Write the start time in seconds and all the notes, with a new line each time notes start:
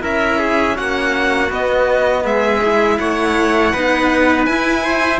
0.00 C#4 E4 A#4 E5
0.38 G#4
0.74 A#3 C#4 F#4 F#5
1.49 B3 D#5
2.24 G#3 G#4 E5
2.63 E4
2.98 A3 C#5 F#5
3.72 B3 D#4 B4
4.45 E4 G#5
4.83 C5